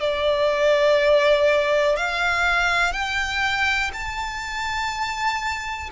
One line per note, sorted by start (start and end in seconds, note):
0.00 1.96 D5
1.96 2.92 F5
2.92 3.91 G5
3.93 5.89 A5